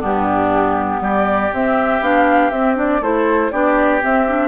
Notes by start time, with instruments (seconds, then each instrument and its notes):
0.00 bassoon G2, clarinet B3, oboe D4, flute G4
1.01 bassoon G3, oboe G4, flute D5
1.53 bassoon C4, clarinet C4, flute E5
2.01 bassoon B3, clarinet D4, flute F5
2.51 bassoon C4, clarinet C4, flute E5
2.76 clarinet D4, flute D5
3.01 bassoon A3, clarinet E4, oboe A4, flute C5
3.51 bassoon B3, clarinet D4, oboe G4, flute D5
4.01 clarinet C4, bassoon C4, flute E5
4.28 clarinet D4